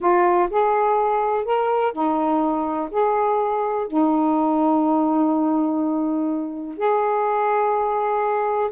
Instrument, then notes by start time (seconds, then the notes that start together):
saxophone
0.00 F4
0.50 G#4
1.44 A#4
1.92 D#4
2.90 G#4
3.87 D#4
6.77 G#4